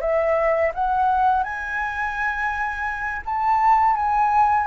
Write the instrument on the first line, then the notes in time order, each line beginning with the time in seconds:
flute
0.00 E5
0.74 F#5
1.43 G#5
3.25 A5
3.95 G#5